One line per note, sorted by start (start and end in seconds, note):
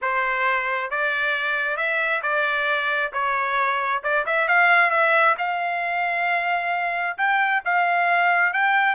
0.01 0.90 C5
0.90 1.77 D5
1.77 2.21 E5
2.22 3.11 D5
3.13 4.02 C#5
4.03 4.25 D5
4.26 4.48 E5
4.48 4.90 F5
4.90 5.35 E5
5.38 7.17 F5
7.17 7.62 G5
7.64 8.53 F5
8.53 8.95 G5